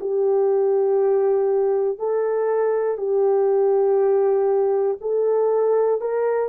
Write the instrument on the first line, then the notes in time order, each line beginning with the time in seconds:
horn
0.00 G4
1.98 A4
2.97 G4
5.00 A4
6.00 A#4